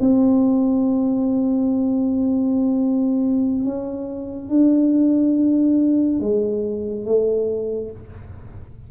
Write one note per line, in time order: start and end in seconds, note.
0.00 3.64 C4
3.65 4.49 C#4
4.49 6.20 D4
6.20 7.05 G#3
7.05 7.91 A3